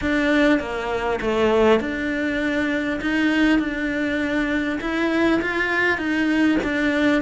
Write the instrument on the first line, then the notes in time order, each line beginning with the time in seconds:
cello
0.01 D4
0.59 A#3
1.21 A3
1.80 D4
3.01 D#4
3.59 D4
4.80 E4
5.41 F4
5.98 D#4
6.63 D4